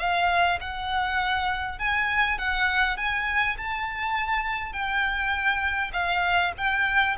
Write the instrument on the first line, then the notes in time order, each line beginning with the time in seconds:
violin
0.00 F5
0.61 F#5
1.79 G#5
2.38 F#5
2.98 G#5
3.58 A5
4.73 G5
5.93 F5
6.58 G5